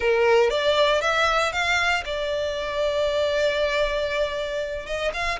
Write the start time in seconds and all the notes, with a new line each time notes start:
0.00 A#4
0.50 D5
1.01 E5
1.52 F5
2.05 D5
4.86 D#5
5.13 F5